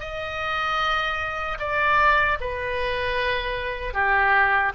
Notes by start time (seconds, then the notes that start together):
0.00 D#5
1.59 D5
2.40 B4
3.93 G4